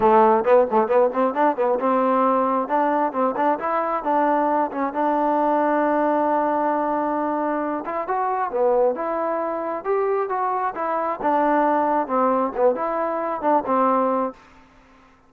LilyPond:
\new Staff \with { instrumentName = "trombone" } { \time 4/4 \tempo 4 = 134 a4 b8 a8 b8 c'8 d'8 b8 | c'2 d'4 c'8 d'8 | e'4 d'4. cis'8 d'4~ | d'1~ |
d'4. e'8 fis'4 b4 | e'2 g'4 fis'4 | e'4 d'2 c'4 | b8 e'4. d'8 c'4. | }